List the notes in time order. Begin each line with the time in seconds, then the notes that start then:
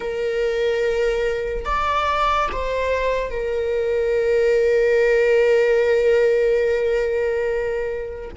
0.00 A#4
1.65 D5
2.52 C5
3.30 A#4